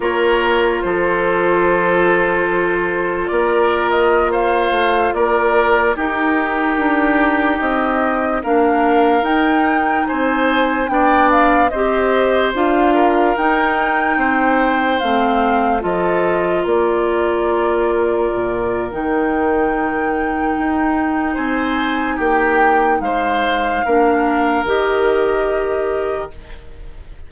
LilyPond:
<<
  \new Staff \with { instrumentName = "flute" } { \time 4/4 \tempo 4 = 73 cis''4 c''2. | d''8. dis''8 f''4 d''4 ais'8.~ | ais'4~ ais'16 dis''4 f''4 g''8.~ | g''16 gis''4 g''8 f''8 dis''4 f''8.~ |
f''16 g''2 f''4 dis''8.~ | dis''16 d''2~ d''8. g''4~ | g''2 gis''4 g''4 | f''2 dis''2 | }
  \new Staff \with { instrumentName = "oboe" } { \time 4/4 ais'4 a'2. | ais'4~ ais'16 c''4 ais'4 g'8.~ | g'2~ g'16 ais'4.~ ais'16~ | ais'16 c''4 d''4 c''4. ais'16~ |
ais'4~ ais'16 c''2 a'8.~ | a'16 ais'2.~ ais'8.~ | ais'2 c''4 g'4 | c''4 ais'2. | }
  \new Staff \with { instrumentName = "clarinet" } { \time 4/4 f'1~ | f'2.~ f'16 dis'8.~ | dis'2~ dis'16 d'4 dis'8.~ | dis'4~ dis'16 d'4 g'4 f'8.~ |
f'16 dis'2 c'4 f'8.~ | f'2. dis'4~ | dis'1~ | dis'4 d'4 g'2 | }
  \new Staff \with { instrumentName = "bassoon" } { \time 4/4 ais4 f2. | ais4.~ ais16 a8 ais4 dis'8.~ | dis'16 d'4 c'4 ais4 dis'8.~ | dis'16 c'4 b4 c'4 d'8.~ |
d'16 dis'4 c'4 a4 f8.~ | f16 ais2 ais,8. dis4~ | dis4 dis'4 c'4 ais4 | gis4 ais4 dis2 | }
>>